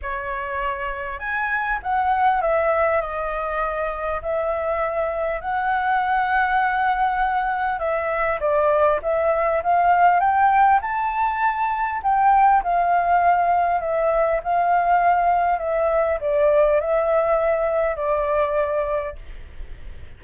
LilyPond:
\new Staff \with { instrumentName = "flute" } { \time 4/4 \tempo 4 = 100 cis''2 gis''4 fis''4 | e''4 dis''2 e''4~ | e''4 fis''2.~ | fis''4 e''4 d''4 e''4 |
f''4 g''4 a''2 | g''4 f''2 e''4 | f''2 e''4 d''4 | e''2 d''2 | }